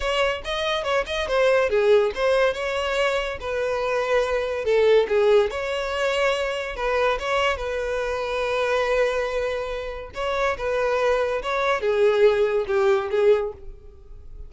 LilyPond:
\new Staff \with { instrumentName = "violin" } { \time 4/4 \tempo 4 = 142 cis''4 dis''4 cis''8 dis''8 c''4 | gis'4 c''4 cis''2 | b'2. a'4 | gis'4 cis''2. |
b'4 cis''4 b'2~ | b'1 | cis''4 b'2 cis''4 | gis'2 g'4 gis'4 | }